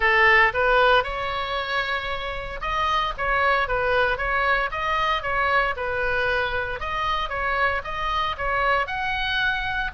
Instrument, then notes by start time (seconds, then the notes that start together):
oboe
0.00 A4
0.53 B4
1.03 C#5
2.61 D#5
3.17 C#5
3.68 B4
4.17 C#5
4.71 D#5
5.22 C#5
5.76 B4
6.79 D#5
7.29 C#5
7.84 D#5
8.37 C#5
8.86 F#5